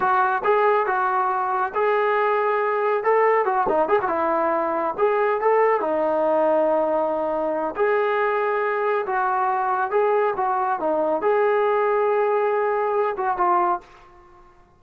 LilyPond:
\new Staff \with { instrumentName = "trombone" } { \time 4/4 \tempo 4 = 139 fis'4 gis'4 fis'2 | gis'2. a'4 | fis'8 dis'8 gis'16 fis'16 e'2 gis'8~ | gis'8 a'4 dis'2~ dis'8~ |
dis'2 gis'2~ | gis'4 fis'2 gis'4 | fis'4 dis'4 gis'2~ | gis'2~ gis'8 fis'8 f'4 | }